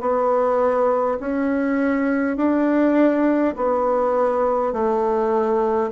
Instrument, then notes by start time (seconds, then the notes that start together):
bassoon
0.00 B3
1.20 C#4
2.37 D4
3.56 B3
4.73 A3